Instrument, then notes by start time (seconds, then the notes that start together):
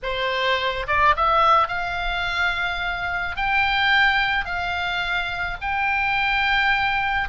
oboe
0.03 C5
0.87 D5
1.16 E5
1.68 F5
3.36 G5
4.45 F5
5.61 G5